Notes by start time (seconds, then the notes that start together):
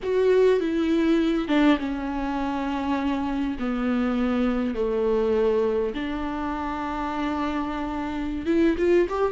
0.03 F#4
0.59 E4
1.47 D4
1.78 C#4
3.59 B3
4.74 A3
5.94 D4
8.46 E4
8.78 F4
9.09 G4